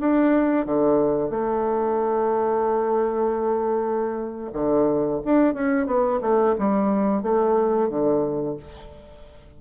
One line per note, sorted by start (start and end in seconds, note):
0.00 0.66 D4
0.66 1.31 D3
1.31 4.51 A3
4.53 5.21 D3
5.25 5.54 D4
5.54 5.87 C#4
5.87 6.20 B3
6.22 6.55 A3
6.59 7.23 G3
7.23 7.89 A3
7.89 8.57 D3